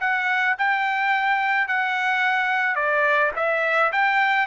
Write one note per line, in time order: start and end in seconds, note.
0.00 0.56 F#5
0.58 1.68 G5
1.68 2.76 F#5
2.76 3.32 D5
3.36 3.92 E5
3.92 4.47 G5